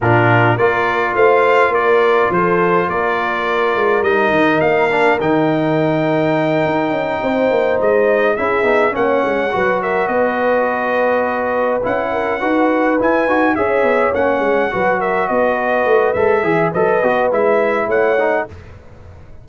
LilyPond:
<<
  \new Staff \with { instrumentName = "trumpet" } { \time 4/4 \tempo 4 = 104 ais'4 d''4 f''4 d''4 | c''4 d''2 dis''4 | f''4 g''2.~ | g''4. dis''4 e''4 fis''8~ |
fis''4 e''8 dis''2~ dis''8~ | dis''8 fis''2 gis''4 e''8~ | e''8 fis''4. e''8 dis''4. | e''4 dis''4 e''4 fis''4 | }
  \new Staff \with { instrumentName = "horn" } { \time 4/4 f'4 ais'4 c''4 ais'4 | a'4 ais'2.~ | ais'1~ | ais'8 c''2 gis'4 cis''8~ |
cis''8 b'8 ais'8 b'2~ b'8~ | b'4 ais'8 b'2 cis''8~ | cis''4. b'8 ais'8 b'4.~ | b'8 e''8 b'2 cis''4 | }
  \new Staff \with { instrumentName = "trombone" } { \time 4/4 d'4 f'2.~ | f'2. dis'4~ | dis'8 d'8 dis'2.~ | dis'2~ dis'8 e'8 dis'8 cis'8~ |
cis'8 fis'2.~ fis'8~ | fis'8 e'4 fis'4 e'8 fis'8 gis'8~ | gis'8 cis'4 fis'2~ fis'8 | a'8 gis'8 a'8 fis'8 e'4. dis'8 | }
  \new Staff \with { instrumentName = "tuba" } { \time 4/4 ais,4 ais4 a4 ais4 | f4 ais4. gis8 g8 dis8 | ais4 dis2~ dis8 dis'8 | cis'8 c'8 ais8 gis4 cis'8 b8 ais8 |
gis8 fis4 b2~ b8~ | b8 cis'4 dis'4 e'8 dis'8 cis'8 | b8 ais8 gis8 fis4 b4 a8 | gis8 e8 fis8 b8 gis4 a4 | }
>>